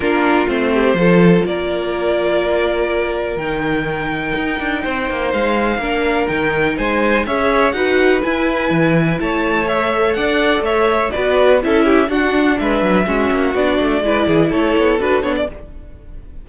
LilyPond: <<
  \new Staff \with { instrumentName = "violin" } { \time 4/4 \tempo 4 = 124 ais'4 c''2 d''4~ | d''2. g''4~ | g''2. f''4~ | f''4 g''4 gis''4 e''4 |
fis''4 gis''2 a''4 | e''4 fis''4 e''4 d''4 | e''4 fis''4 e''2 | d''2 cis''4 b'8 cis''16 d''16 | }
  \new Staff \with { instrumentName = "violin" } { \time 4/4 f'4. g'8 a'4 ais'4~ | ais'1~ | ais'2 c''2 | ais'2 c''4 cis''4 |
b'2. cis''4~ | cis''4 d''4 cis''4 b'4 | a'8 g'8 fis'4 b'4 fis'4~ | fis'4 b'8 gis'8 a'2 | }
  \new Staff \with { instrumentName = "viola" } { \time 4/4 d'4 c'4 f'2~ | f'2. dis'4~ | dis'1 | d'4 dis'2 gis'4 |
fis'4 e'2. | a'2. fis'4 | e'4 d'2 cis'4 | d'4 e'2 fis'8 d'8 | }
  \new Staff \with { instrumentName = "cello" } { \time 4/4 ais4 a4 f4 ais4~ | ais2. dis4~ | dis4 dis'8 d'8 c'8 ais8 gis4 | ais4 dis4 gis4 cis'4 |
dis'4 e'4 e4 a4~ | a4 d'4 a4 b4 | cis'4 d'4 gis8 fis8 gis8 ais8 | b8 a8 gis8 e8 a8 b8 d'8 b8 | }
>>